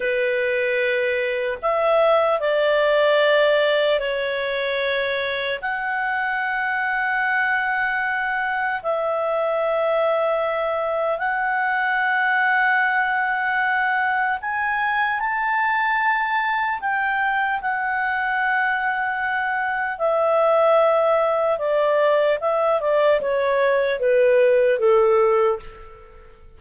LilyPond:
\new Staff \with { instrumentName = "clarinet" } { \time 4/4 \tempo 4 = 75 b'2 e''4 d''4~ | d''4 cis''2 fis''4~ | fis''2. e''4~ | e''2 fis''2~ |
fis''2 gis''4 a''4~ | a''4 g''4 fis''2~ | fis''4 e''2 d''4 | e''8 d''8 cis''4 b'4 a'4 | }